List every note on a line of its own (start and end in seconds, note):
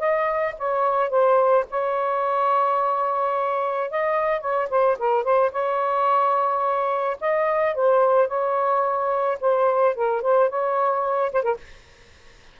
0.00 0.55 D#5
0.59 1.10 C#5
1.10 1.65 C5
1.71 3.91 C#5
3.91 4.41 D#5
4.41 4.69 C#5
4.70 4.98 C5
4.99 5.24 A#4
5.24 5.51 C5
5.52 7.17 C#5
7.21 7.75 D#5
7.75 8.28 C5
8.28 9.38 C#5
9.41 9.95 C5
9.95 10.22 A#4
10.22 10.50 C5
10.50 11.32 C#5
11.33 11.43 C5
11.43 11.57 A#4